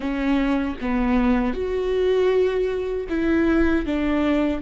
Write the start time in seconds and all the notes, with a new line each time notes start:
0.00 C#4
0.80 B3
1.53 F#4
3.09 E4
3.86 D4